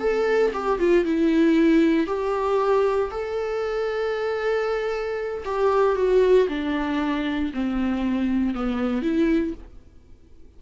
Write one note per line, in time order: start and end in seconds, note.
0.00 0.52 A4
0.54 0.79 G4
0.79 1.05 F4
1.05 2.07 E4
2.07 3.11 G4
3.12 5.44 A4
5.45 5.96 G4
5.96 6.48 F#4
6.49 7.53 D4
7.54 8.55 C4
8.55 9.03 B3
9.03 9.54 E4